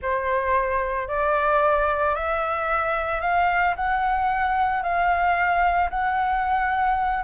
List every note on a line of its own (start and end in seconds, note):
0.02 1.08 C5
1.08 2.15 D5
2.15 3.21 E5
3.21 3.74 F5
3.76 4.82 F#5
4.82 5.89 F5
5.90 7.23 F#5